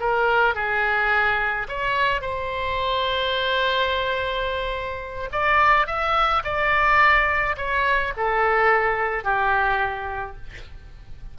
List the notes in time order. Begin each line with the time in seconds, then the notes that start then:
0.00 A#4
0.55 G#4
1.68 C#5
2.21 C5
5.32 D5
5.87 E5
6.44 D5
7.57 C#5
8.17 A4
9.24 G4